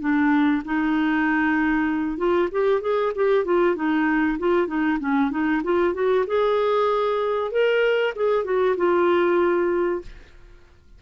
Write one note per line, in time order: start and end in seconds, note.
0.00 0.62 D4
0.65 2.18 D#4
2.18 2.49 F4
2.51 2.81 G4
2.81 3.12 G#4
3.15 3.45 G4
3.45 3.75 F4
3.75 4.38 D#4
4.39 4.67 F4
4.67 4.98 D#4
5.00 5.30 C#4
5.30 5.62 D#4
5.63 5.94 F4
5.94 6.25 F#4
6.27 7.51 G#4
7.51 8.13 A#4
8.15 8.44 G#4
8.44 8.76 F#4
8.77 10.02 F4